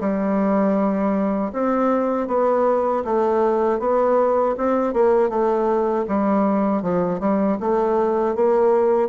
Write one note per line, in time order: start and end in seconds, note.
0.00 1.52 G3
1.53 2.28 C4
2.28 3.03 B3
3.05 3.79 A3
3.79 4.55 B3
4.57 4.94 C4
4.94 5.29 A#3
5.29 6.05 A3
6.08 6.82 G3
6.82 7.20 F3
7.20 7.58 G3
7.60 8.35 A3
8.35 9.09 A#3